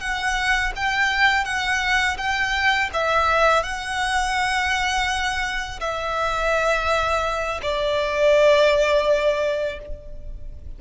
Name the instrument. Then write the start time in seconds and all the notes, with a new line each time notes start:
violin
0.00 F#5
0.76 G5
1.45 F#5
2.17 G5
2.93 E5
3.63 F#5
5.80 E5
7.62 D5